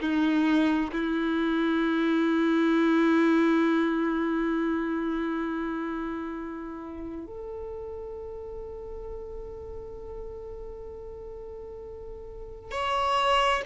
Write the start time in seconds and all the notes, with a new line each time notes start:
0.00 D#4
0.92 E4
7.26 A4
12.71 C#5